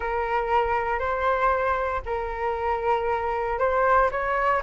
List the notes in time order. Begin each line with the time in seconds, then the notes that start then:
0.00 A#4
0.99 C5
2.05 A#4
3.58 C5
4.11 C#5